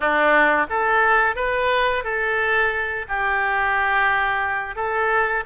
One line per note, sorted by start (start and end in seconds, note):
0.00 0.67 D4
0.69 1.35 A4
1.35 2.03 B4
2.03 3.06 A4
3.08 4.75 G4
4.75 5.44 A4